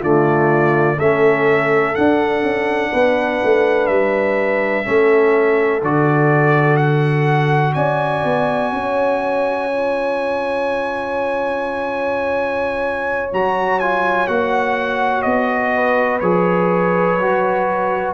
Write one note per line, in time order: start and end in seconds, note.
0.00 0.99 D3
0.00 0.98 A3
0.00 0.97 F4
0.00 1.00 D5
0.98 1.96 A3
0.98 1.95 C#4
0.98 2.91 A4
0.98 1.95 E5
1.95 4.84 D4
1.95 2.43 D4
1.95 3.87 F#5
2.43 2.91 C#4
2.92 3.42 B3
2.92 4.85 B4
3.44 3.89 A3
3.87 4.86 G3
3.87 5.80 E5
4.84 5.82 A3
4.84 5.81 C#4
4.84 7.76 A4
5.82 7.76 D3
5.82 9.71 F#4
5.82 6.77 D5
6.77 7.74 F#5
7.74 8.24 C#4
7.74 8.72 D5
7.74 13.30 G#5
8.24 8.72 B3
8.72 13.32 C#4
8.72 15.75 C#5
9.71 13.34 F4
13.33 14.28 F#3
13.33 13.81 F#4
13.33 13.80 A#5
13.80 14.27 F4
13.80 14.28 G#5
14.27 15.25 A#3
14.27 16.21 F#4
14.27 15.22 F#5
15.22 16.21 B3
15.22 16.19 D#5
15.75 18.14 B4
16.20 17.18 F3
16.20 17.19 G#4
16.20 18.14 C#5
17.18 18.14 F#3
17.18 18.14 F#4